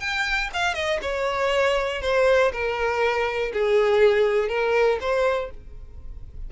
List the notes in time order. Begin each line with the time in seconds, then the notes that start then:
0.00 G5
0.53 F5
0.74 D#5
1.02 C#5
2.02 C5
2.52 A#4
3.53 G#4
4.49 A#4
5.00 C5